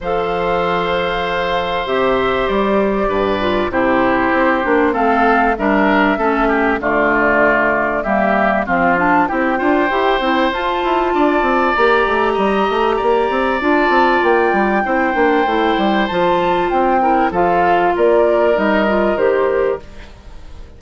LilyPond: <<
  \new Staff \with { instrumentName = "flute" } { \time 4/4 \tempo 4 = 97 f''2. e''4 | d''2 c''2 | f''4 e''2 d''4~ | d''4 e''4 f''8 a''8 g''4~ |
g''4 a''2 ais''4~ | ais''2 a''4 g''4~ | g''2 a''4 g''4 | f''4 d''4 dis''4 c''4 | }
  \new Staff \with { instrumentName = "oboe" } { \time 4/4 c''1~ | c''4 b'4 g'2 | a'4 ais'4 a'8 g'8 f'4~ | f'4 g'4 f'4 g'8 c''8~ |
c''2 d''2 | dis''4 d''2. | c''2.~ c''8 ais'8 | a'4 ais'2. | }
  \new Staff \with { instrumentName = "clarinet" } { \time 4/4 a'2. g'4~ | g'4. f'8 e'4. d'8 | c'4 d'4 cis'4 a4~ | a4 ais4 c'8 d'8 e'8 f'8 |
g'8 e'8 f'2 g'4~ | g'2 f'2 | e'8 d'8 e'4 f'4. e'8 | f'2 dis'8 f'8 g'4 | }
  \new Staff \with { instrumentName = "bassoon" } { \time 4/4 f2. c4 | g4 g,4 c4 c'8 ais8 | a4 g4 a4 d4~ | d4 g4 f4 c'8 d'8 |
e'8 c'8 f'8 e'8 d'8 c'8 ais8 a8 | g8 a8 ais8 c'8 d'8 c'8 ais8 g8 | c'8 ais8 a8 g8 f4 c'4 | f4 ais4 g4 dis4 | }
>>